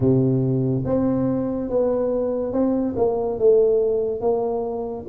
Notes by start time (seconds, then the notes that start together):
0.00 C3
0.85 C4
1.69 B3
2.52 C4
2.96 A#3
3.38 A3
4.20 A#3